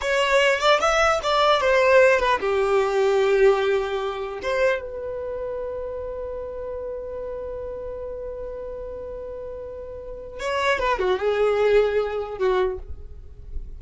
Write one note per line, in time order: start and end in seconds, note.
0.01 0.59 C#5
0.59 0.79 D5
0.79 1.19 E5
1.23 1.60 D5
1.60 2.19 C5
2.19 2.39 B4
2.40 4.40 G4
4.42 4.81 C5
4.81 10.39 B4
10.39 10.79 C#5
10.79 10.99 B4
10.99 11.19 F#4
11.19 12.38 G#4
12.38 12.78 F#4